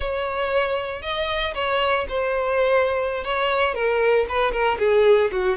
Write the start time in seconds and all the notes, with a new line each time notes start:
0.00 C#5
1.02 D#5
1.54 C#5
2.09 C5
3.24 C#5
3.74 A#4
4.29 B4
4.52 A#4
4.78 G#4
5.31 F#4